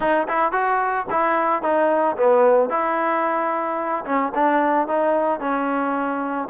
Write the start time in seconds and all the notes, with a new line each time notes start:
0.00 D#4
0.28 E4
0.52 F#4
1.10 E4
1.62 D#4
2.16 B3
2.69 E4
4.05 C#4
4.34 D4
4.87 D#4
5.40 C#4